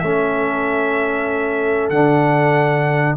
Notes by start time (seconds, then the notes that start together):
0.00 A3 C#4 A4 E5
1.90 D3 D4 F#5